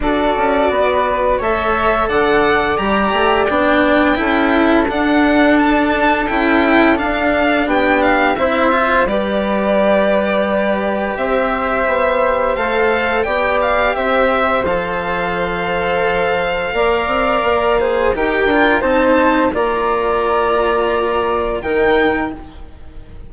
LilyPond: <<
  \new Staff \with { instrumentName = "violin" } { \time 4/4 \tempo 4 = 86 d''2 e''4 fis''4 | ais''4 g''2 fis''4 | a''4 g''4 f''4 g''8 f''8 | e''4 d''2. |
e''2 f''4 g''8 f''8 | e''4 f''2.~ | f''2 g''4 a''4 | ais''2. g''4 | }
  \new Staff \with { instrumentName = "flute" } { \time 4/4 a'4 b'4 cis''4 d''4~ | d''2 a'2~ | a'2. g'4 | c''4 b'2. |
c''2. d''4 | c''1 | d''4. c''8 ais'4 c''4 | d''2. ais'4 | }
  \new Staff \with { instrumentName = "cello" } { \time 4/4 fis'2 a'2 | g'4 d'4 e'4 d'4~ | d'4 e'4 d'2 | e'8 f'8 g'2.~ |
g'2 a'4 g'4~ | g'4 a'2. | ais'4. gis'8 g'8 f'8 dis'4 | f'2. dis'4 | }
  \new Staff \with { instrumentName = "bassoon" } { \time 4/4 d'8 cis'8 b4 a4 d4 | g8 a8 b4 cis'4 d'4~ | d'4 cis'4 d'4 b4 | c'4 g2. |
c'4 b4 a4 b4 | c'4 f2. | ais8 c'8 ais4 dis'8 d'8 c'4 | ais2. dis4 | }
>>